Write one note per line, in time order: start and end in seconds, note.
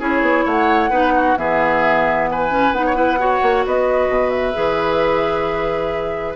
0.00 0.22 C#4
0.00 0.91 E4
0.00 0.45 G#4
0.00 0.47 C#5
0.22 0.44 B3
0.45 0.90 A3
0.45 0.90 C#5
0.45 1.38 F#5
0.90 1.36 B3
0.90 1.37 D#4
0.90 1.13 B4
1.16 1.38 F#4
1.37 2.72 E3
1.37 2.50 B3
1.37 2.30 G#4
1.37 2.29 E5
2.29 2.86 B4
2.29 2.73 G#5
2.50 2.73 C#4
2.72 3.40 B3
2.72 2.94 D#4
2.72 3.64 F#5
2.86 2.96 C#5
2.94 3.17 E4
2.94 3.19 B4
3.19 4.53 F#4
3.19 3.66 C#5
3.42 3.65 A#3
3.66 4.08 B3
3.66 6.36 B4
3.66 4.30 D#5
4.08 4.54 B2
4.30 6.35 E5
4.53 6.36 E3
4.53 6.35 G#4